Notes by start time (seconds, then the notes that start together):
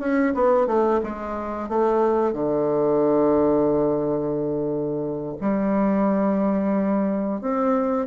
0.00 C#4
0.35 B3
0.67 A3
1.03 G#3
1.69 A3
2.33 D3
5.41 G3
7.42 C4